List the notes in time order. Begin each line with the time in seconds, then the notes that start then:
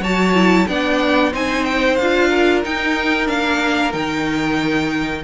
0.00 F#3 F#4 C#5 A5
0.34 E4
0.67 B3 D4 D5 G5
1.32 C4 D#4 C5 G#5
1.65 G5
1.96 D4 F5
2.02 F4
2.28 A#4
2.64 D#4 G5
3.26 A#3 D4 F5
3.93 D#3 D#4 G5